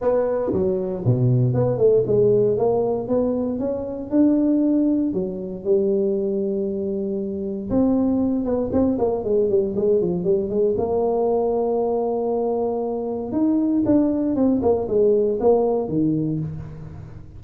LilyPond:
\new Staff \with { instrumentName = "tuba" } { \time 4/4 \tempo 4 = 117 b4 fis4 b,4 b8 a8 | gis4 ais4 b4 cis'4 | d'2 fis4 g4~ | g2. c'4~ |
c'8 b8 c'8 ais8 gis8 g8 gis8 f8 | g8 gis8 ais2.~ | ais2 dis'4 d'4 | c'8 ais8 gis4 ais4 dis4 | }